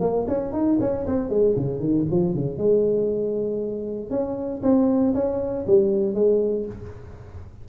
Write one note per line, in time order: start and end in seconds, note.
0.00 0.26 A#3
0.28 0.52 C#4
0.52 0.78 D#4
0.80 1.06 C#4
1.06 1.29 C4
1.29 1.55 G#3
1.56 1.79 C#3
1.79 2.05 D#3
2.10 2.34 F3
2.34 2.57 C#3
2.57 4.10 G#3
4.10 4.61 C#4
4.62 5.13 C4
5.14 5.65 C#4
5.67 6.14 G3
6.14 6.65 G#3